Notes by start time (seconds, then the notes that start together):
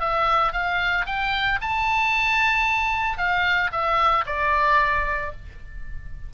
0.00 E5
0.52 F5
1.06 G5
1.61 A5
3.18 F5
3.72 E5
4.26 D5